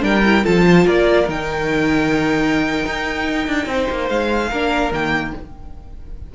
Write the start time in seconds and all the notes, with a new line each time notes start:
0.00 G3 D4 A#4 G5
0.24 E4
0.43 F3 F4 A4 A5
0.66 C5
0.84 A#3 A#4 D5
1.25 D#3 D#4 G5
2.86 D#4
3.47 D4
3.66 C4 C5
3.89 A#3
4.09 G#3 F5
4.49 A#3 D4 A#4
4.91 D#3 A#3 G5